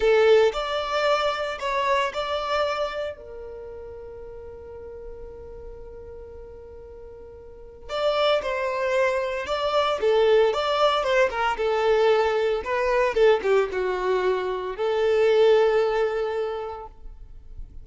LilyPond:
\new Staff \with { instrumentName = "violin" } { \time 4/4 \tempo 4 = 114 a'4 d''2 cis''4 | d''2 ais'2~ | ais'1~ | ais'2. d''4 |
c''2 d''4 a'4 | d''4 c''8 ais'8 a'2 | b'4 a'8 g'8 fis'2 | a'1 | }